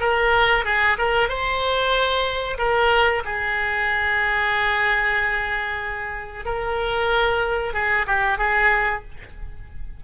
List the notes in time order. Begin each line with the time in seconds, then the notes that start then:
0.00 A#4
0.65 G#4
0.98 A#4
1.29 C5
2.58 A#4
3.25 G#4
6.45 A#4
7.74 G#4
8.07 G4
8.38 G#4